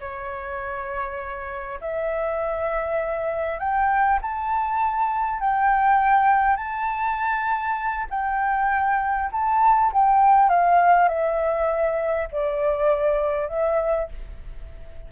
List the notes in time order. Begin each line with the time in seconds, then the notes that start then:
0.00 C#5
1.81 E5
3.59 G5
4.22 A5
5.40 G5
6.56 A5
8.10 G5
9.32 A5
9.93 G5
10.49 F5
11.09 E5
12.32 D5
13.49 E5